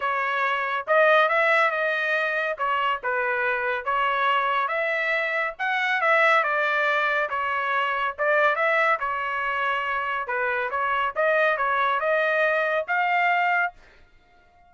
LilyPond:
\new Staff \with { instrumentName = "trumpet" } { \time 4/4 \tempo 4 = 140 cis''2 dis''4 e''4 | dis''2 cis''4 b'4~ | b'4 cis''2 e''4~ | e''4 fis''4 e''4 d''4~ |
d''4 cis''2 d''4 | e''4 cis''2. | b'4 cis''4 dis''4 cis''4 | dis''2 f''2 | }